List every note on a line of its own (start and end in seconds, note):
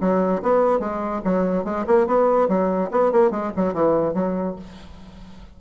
0.00 0.42 F#3
0.42 0.79 B3
0.79 1.21 G#3
1.24 1.64 F#3
1.64 1.85 G#3
1.87 2.06 A#3
2.06 2.48 B3
2.48 2.90 F#3
2.91 3.12 B3
3.12 3.30 A#3
3.30 3.51 G#3
3.56 3.73 F#3
3.73 4.13 E3
4.13 4.55 F#3